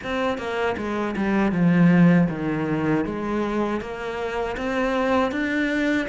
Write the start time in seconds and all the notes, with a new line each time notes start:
0.03 C4
0.38 A#3
0.77 G#3
1.16 G3
1.52 F3
2.29 D#3
3.05 G#3
3.80 A#3
4.56 C4
5.31 D4